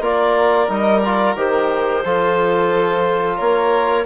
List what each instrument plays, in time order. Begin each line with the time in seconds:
0.00 bassoon A#3, trombone F4, violin A#4, clarinet D5
0.68 bassoon G3, trombone D#4, clarinet D#5
1.00 trombone F4, clarinet D5
1.35 bassoon D#3, trombone G4, clarinet C5
2.04 bassoon F3, trombone F4, violin A4
3.37 bassoon A#3, violin A#4, clarinet C#5